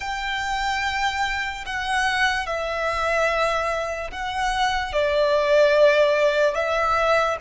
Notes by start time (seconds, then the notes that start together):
0.00 G5
1.66 F#5
2.46 E5
4.11 F#5
4.92 D5
6.54 E5